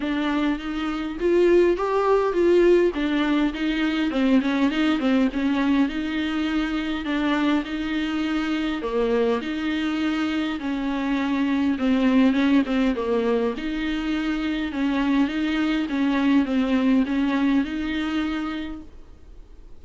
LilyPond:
\new Staff \with { instrumentName = "viola" } { \time 4/4 \tempo 4 = 102 d'4 dis'4 f'4 g'4 | f'4 d'4 dis'4 c'8 cis'8 | dis'8 c'8 cis'4 dis'2 | d'4 dis'2 ais4 |
dis'2 cis'2 | c'4 cis'8 c'8 ais4 dis'4~ | dis'4 cis'4 dis'4 cis'4 | c'4 cis'4 dis'2 | }